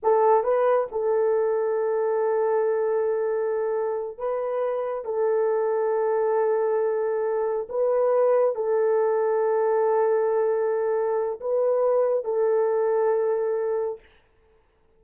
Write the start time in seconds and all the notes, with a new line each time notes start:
0.03 A4
0.43 B4
0.91 A4
4.18 B4
5.04 A4
7.69 B4
8.55 A4
11.40 B4
12.24 A4